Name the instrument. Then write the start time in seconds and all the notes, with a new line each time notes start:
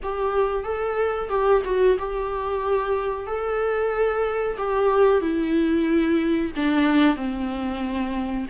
viola
0.02 G4
0.63 A4
1.29 G4
1.65 F#4
1.98 G4
3.26 A4
4.57 G4
5.21 E4
6.56 D4
7.16 C4